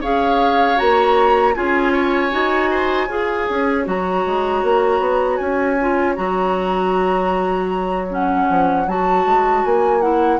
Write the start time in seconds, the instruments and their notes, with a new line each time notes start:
0.00 bassoon C#4, clarinet G#4, oboe C#5, flute F5
0.76 bassoon A#3, clarinet F#4, flute A#5
1.54 bassoon C#4, clarinet F4, oboe G#4, flute G#5
1.92 oboe C#5
2.30 bassoon D#4, clarinet F#4
2.70 oboe C5
3.07 bassoon F4, clarinet G#4, oboe C#5
3.49 bassoon C#4
3.84 bassoon F#3, clarinet F#4, flute A#5
4.25 bassoon G#3
4.63 bassoon A#3
4.99 bassoon B3
5.37 bassoon C#4, flute G#5
5.80 clarinet F4
6.15 bassoon F#3, clarinet F#4, flute A#5
8.09 clarinet C#4, flute F#5
8.49 bassoon F3
8.86 bassoon F#3, clarinet F#4, flute A5
9.25 bassoon G#3
9.65 bassoon A#3, flute G#5
10.01 clarinet E4, flute F#5